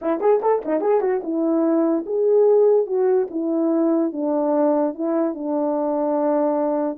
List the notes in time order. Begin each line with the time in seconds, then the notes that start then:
0.01 E4
0.20 G#4
0.42 A4
0.65 D#4
0.80 G#4
1.00 F#4
1.23 E4
2.06 G#4
2.86 F#4
3.30 E4
4.12 D4
4.94 E4
5.34 D4